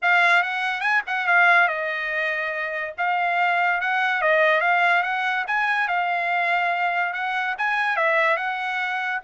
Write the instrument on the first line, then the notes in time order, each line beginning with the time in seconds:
trumpet
0.02 F5
0.42 F#5
0.80 G#5
1.07 F#5
1.27 F5
1.68 D#5
2.97 F5
3.81 F#5
4.21 D#5
4.60 F5
5.02 F#5
5.47 G#5
5.87 F5
7.13 F#5
7.57 G#5
7.96 E5
8.36 F#5